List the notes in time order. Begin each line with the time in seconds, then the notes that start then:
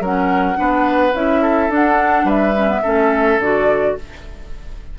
0.00 F#3 C#4 A#4 F#5
0.56 B3 D4 B4
1.14 C#4 E4 E5
1.42 A4
1.69 D4 F#5
2.24 G3 B4 E5
2.57 C#4
2.68 B3
2.83 A3 C#4 A4
3.39 D3 F#4 D5